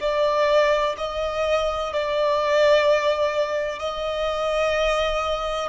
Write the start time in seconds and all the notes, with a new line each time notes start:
0.00 D5
0.97 D#5
1.93 D5
3.79 D#5